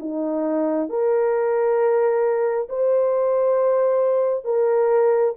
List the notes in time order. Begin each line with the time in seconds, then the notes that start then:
0.00 D#4
0.90 A#4
2.69 C5
4.45 A#4